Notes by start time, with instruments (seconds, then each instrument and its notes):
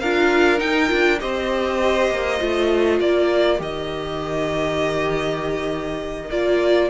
0.00 cello D4, viola F4, violin A#4 F5
0.59 viola D#4, cello D#4, violin G5
0.88 cello D4, viola F4
1.20 cello C4, viola G4, violin C5 D#5
2.11 cello A#3
2.39 cello A3, viola F4
3.00 cello A#3, violin A#4 D5
3.58 cello D#3, viola G4, violin D#5
6.31 cello A#3, viola F4, violin D5